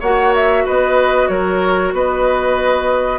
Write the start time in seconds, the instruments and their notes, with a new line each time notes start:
0.00 bassoon A#3, clarinet F#4, oboe C#5, flute F#5
0.35 flute E5
0.65 bassoon B3, oboe B4, flute D#5
1.28 bassoon F#3, oboe A#4, flute C#5
1.93 bassoon B3, oboe B4, flute D#5